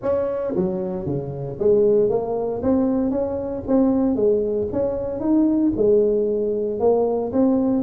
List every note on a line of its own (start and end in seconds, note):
0.02 0.54 C#4
0.55 1.06 F#3
1.06 1.58 C#3
1.59 2.09 G#3
2.09 2.61 A#3
2.62 3.10 C4
3.10 3.63 C#4
3.67 4.15 C4
4.15 4.67 G#3
4.72 5.20 C#4
5.20 5.72 D#4
5.76 6.79 G#3
6.79 7.31 A#3
7.32 7.83 C4